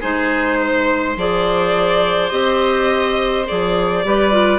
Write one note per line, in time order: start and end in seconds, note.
0.00 1.17 G#3
0.00 1.17 D#4
0.00 0.58 G#4
0.00 1.17 C5
0.60 4.06 C5
1.17 2.31 F3
1.17 2.30 G#4
1.17 2.30 D5
2.30 3.47 C4
2.30 3.46 G4
2.30 3.45 D#5
3.47 4.05 F3
3.47 4.04 G#4
3.47 4.59 D5
4.04 4.59 G3
4.04 4.32 G4
4.04 4.59 B4
4.32 4.59 F4